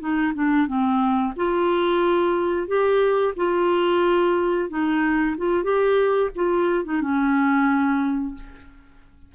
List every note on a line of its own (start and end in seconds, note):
0.00 0.33 D#4
0.35 0.67 D4
0.67 1.34 C4
1.37 2.68 F4
2.68 3.34 G4
3.37 4.70 F4
4.70 5.37 D#4
5.38 5.64 F4
5.64 6.31 G4
6.36 6.85 F4
6.85 7.02 D#4
7.02 8.35 C#4